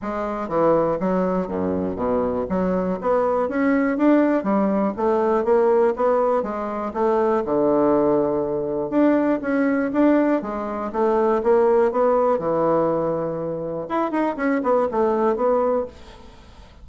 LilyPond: \new Staff \with { instrumentName = "bassoon" } { \time 4/4 \tempo 4 = 121 gis4 e4 fis4 fis,4 | b,4 fis4 b4 cis'4 | d'4 g4 a4 ais4 | b4 gis4 a4 d4~ |
d2 d'4 cis'4 | d'4 gis4 a4 ais4 | b4 e2. | e'8 dis'8 cis'8 b8 a4 b4 | }